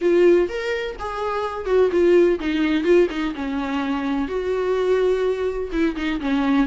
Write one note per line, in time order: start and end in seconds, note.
0.01 0.48 F4
0.48 0.96 A#4
0.99 1.65 G#4
1.65 1.89 F#4
1.91 2.39 F4
2.39 2.83 D#4
2.83 3.07 F4
3.10 3.34 D#4
3.35 4.27 C#4
4.27 5.70 F#4
5.71 5.95 E4
5.96 6.19 D#4
6.20 6.66 C#4